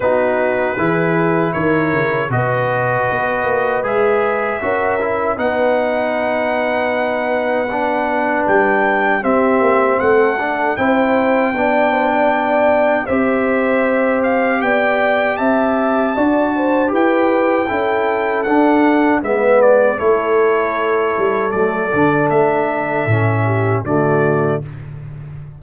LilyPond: <<
  \new Staff \with { instrumentName = "trumpet" } { \time 4/4 \tempo 4 = 78 b'2 cis''4 dis''4~ | dis''4 e''2 fis''4~ | fis''2. g''4 | e''4 fis''4 g''2~ |
g''4 e''4. f''8 g''4 | a''2 g''2 | fis''4 e''8 d''8 cis''2 | d''4 e''2 d''4 | }
  \new Staff \with { instrumentName = "horn" } { \time 4/4 fis'4 gis'4 ais'4 b'4~ | b'2 ais'4 b'4~ | b'1 | g'4 a'4 c''4 d''8 c''16 d''16~ |
d''4 c''2 d''4 | e''4 d''8 c''8 b'4 a'4~ | a'4 b'4 a'2~ | a'2~ a'8 g'8 fis'4 | }
  \new Staff \with { instrumentName = "trombone" } { \time 4/4 dis'4 e'2 fis'4~ | fis'4 gis'4 fis'8 e'8 dis'4~ | dis'2 d'2 | c'4. d'8 e'4 d'4~ |
d'4 g'2.~ | g'4 fis'4 g'4 e'4 | d'4 b4 e'2 | a8 d'4. cis'4 a4 | }
  \new Staff \with { instrumentName = "tuba" } { \time 4/4 b4 e4 dis8 cis8 b,4 | b8 ais8 gis4 cis'4 b4~ | b2. g4 | c'8 ais8 a4 c'4 b4~ |
b4 c'2 b4 | c'4 d'4 e'4 cis'4 | d'4 gis4 a4. g8 | fis8 d8 a4 a,4 d4 | }
>>